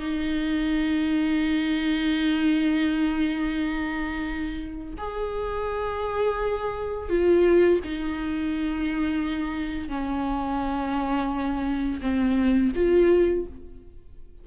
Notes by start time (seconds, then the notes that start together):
0.00 D#4
4.98 G#4
7.10 F4
7.85 D#4
9.89 C#4
12.02 C4
12.76 F4